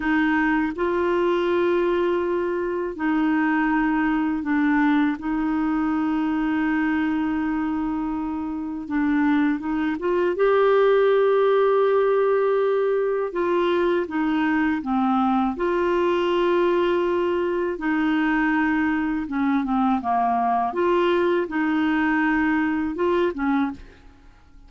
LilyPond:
\new Staff \with { instrumentName = "clarinet" } { \time 4/4 \tempo 4 = 81 dis'4 f'2. | dis'2 d'4 dis'4~ | dis'1 | d'4 dis'8 f'8 g'2~ |
g'2 f'4 dis'4 | c'4 f'2. | dis'2 cis'8 c'8 ais4 | f'4 dis'2 f'8 cis'8 | }